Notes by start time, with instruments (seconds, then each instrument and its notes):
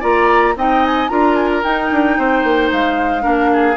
0.00 bassoon A#3, clarinet F4, oboe D5, flute A#5
0.56 bassoon C4, clarinet D#4, oboe D#5, flute G5
0.85 flute G#5
1.09 bassoon D4, clarinet F4, oboe A#4, flute A#5
1.35 flute G#5
1.52 flute A#5
1.64 clarinet D#4, bassoon D#4, flute G5
1.91 bassoon D4
2.18 bassoon C4, oboe C5
2.44 bassoon A#3
2.72 bassoon G#3, flute F5
3.21 bassoon A#3, clarinet D4, oboe A#4
3.53 oboe G#4